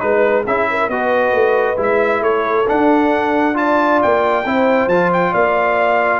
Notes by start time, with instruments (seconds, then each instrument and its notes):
0.00 tuba G#3, trombone D#4, trumpet B4, horn B4
0.46 tuba C#4, trombone E4, horn G#4, trumpet E5
0.70 horn A#4
0.89 tuba B3, trombone F#4, horn B4, trumpet D#5
1.32 tuba A3
1.76 tuba G#3, trombone E4, trumpet E5
2.21 tuba A3, horn A4, trumpet C#5
2.67 trombone D4, tuba D4, trumpet F#5
3.54 trombone F4, horn D5, trumpet A5
4.02 tuba A#3, trumpet G5
4.45 tuba C4, trombone E4, horn C5
4.87 tuba F3, trombone F4, trumpet A5
5.13 trumpet G5
5.32 tuba A#3, horn D5, trumpet F5